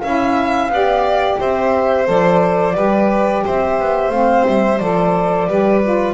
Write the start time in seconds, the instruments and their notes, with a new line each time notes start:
0.00 double bass C#4, saxophone E4, violin E5, flute F5
0.68 double bass B3, saxophone G4, violin D5
1.39 double bass C4, violin C5, flute E5
2.05 double bass F3, saxophone A4, flute D5
2.74 double bass G3, saxophone G4, violin B4
3.44 double bass C4, violin C5, flute E5
3.79 double bass B3
4.09 double bass A3, saxophone C4, flute F5
4.46 double bass G3, flute E5
4.78 double bass F3, saxophone A4, flute D5
5.48 double bass G3, saxophone G4, violin B4
5.83 saxophone F4